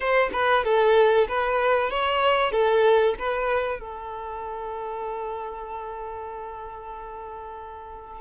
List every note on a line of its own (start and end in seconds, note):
0.00 0.30 C5
0.32 0.64 B4
0.64 1.27 A4
1.28 1.90 B4
1.90 2.51 C#5
2.51 3.14 A4
3.18 3.79 B4
3.79 8.20 A4